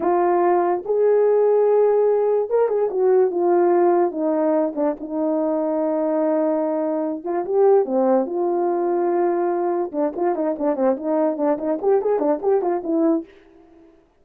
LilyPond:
\new Staff \with { instrumentName = "horn" } { \time 4/4 \tempo 4 = 145 f'2 gis'2~ | gis'2 ais'8 gis'8 fis'4 | f'2 dis'4. d'8 | dis'1~ |
dis'4. f'8 g'4 c'4 | f'1 | d'8 f'8 dis'8 d'8 c'8 dis'4 d'8 | dis'8 g'8 gis'8 d'8 g'8 f'8 e'4 | }